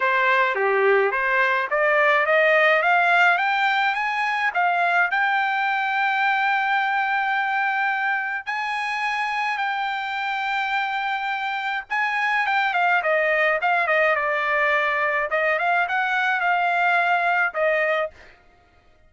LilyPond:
\new Staff \with { instrumentName = "trumpet" } { \time 4/4 \tempo 4 = 106 c''4 g'4 c''4 d''4 | dis''4 f''4 g''4 gis''4 | f''4 g''2.~ | g''2. gis''4~ |
gis''4 g''2.~ | g''4 gis''4 g''8 f''8 dis''4 | f''8 dis''8 d''2 dis''8 f''8 | fis''4 f''2 dis''4 | }